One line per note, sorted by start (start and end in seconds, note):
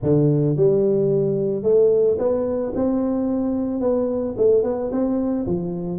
0.02 0.56 D3
0.56 1.62 G3
1.62 2.17 A3
2.18 2.72 B3
2.74 3.80 C4
3.80 4.34 B3
4.37 4.63 A3
4.63 4.90 B3
4.91 5.46 C4
5.46 5.98 F3